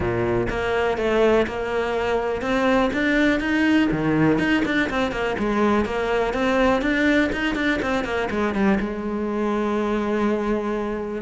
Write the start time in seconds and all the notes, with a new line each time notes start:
0.00 A#2
0.49 A#3
0.97 A3
1.46 A#3
2.41 C4
2.93 D4
3.40 D#4
3.91 D#3
4.38 D#4
4.65 D4
4.90 C4
5.11 A#3
5.38 G#3
5.85 A#3
6.33 C4
6.81 D4
7.32 D#4
7.55 D4
7.82 C4
8.04 A#3
8.30 G#3
8.54 G3
8.80 G#3